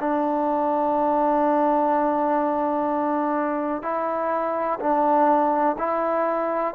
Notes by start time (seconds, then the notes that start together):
0.00 D4
3.82 E4
4.80 D4
5.78 E4